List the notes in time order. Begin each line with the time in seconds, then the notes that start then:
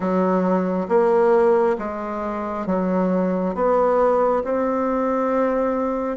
0.00 F#3
0.88 A#3
1.78 G#3
2.66 F#3
3.55 B3
4.44 C4